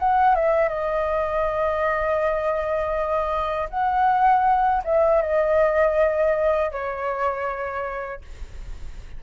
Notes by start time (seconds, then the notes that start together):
0.00 F#5
0.35 E5
0.69 D#5
3.71 F#5
4.85 E5
5.22 D#5
6.72 C#5